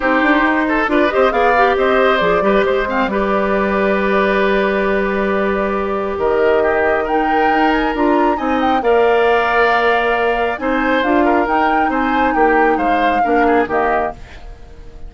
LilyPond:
<<
  \new Staff \with { instrumentName = "flute" } { \time 4/4 \tempo 4 = 136 c''2 d''8 dis''8 f''4 | dis''4 d''4 c''4 d''4~ | d''1~ | d''2 dis''2 |
g''4. gis''8 ais''4 gis''8 g''8 | f''1 | gis''4 f''4 g''4 gis''4 | g''4 f''2 dis''4 | }
  \new Staff \with { instrumentName = "oboe" } { \time 4/4 g'4. a'8 b'8 c''8 d''4 | c''4. b'8 c''8 f''8 b'4~ | b'1~ | b'2 ais'4 g'4 |
ais'2. dis''4 | d''1 | c''4. ais'4. c''4 | g'4 c''4 ais'8 gis'8 g'4 | }
  \new Staff \with { instrumentName = "clarinet" } { \time 4/4 dis'2 f'8 g'8 gis'8 g'8~ | g'4 gis'8 g'4 c'8 g'4~ | g'1~ | g'1 |
dis'2 f'4 dis'4 | ais'1 | dis'4 f'4 dis'2~ | dis'2 d'4 ais4 | }
  \new Staff \with { instrumentName = "bassoon" } { \time 4/4 c'8 d'8 dis'4 d'8 c'8 b4 | c'4 f8 g8 gis4 g4~ | g1~ | g2 dis2~ |
dis4 dis'4 d'4 c'4 | ais1 | c'4 d'4 dis'4 c'4 | ais4 gis4 ais4 dis4 | }
>>